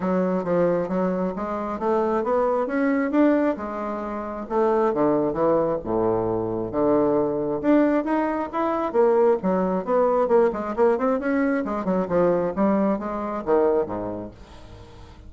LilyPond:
\new Staff \with { instrumentName = "bassoon" } { \time 4/4 \tempo 4 = 134 fis4 f4 fis4 gis4 | a4 b4 cis'4 d'4 | gis2 a4 d4 | e4 a,2 d4~ |
d4 d'4 dis'4 e'4 | ais4 fis4 b4 ais8 gis8 | ais8 c'8 cis'4 gis8 fis8 f4 | g4 gis4 dis4 gis,4 | }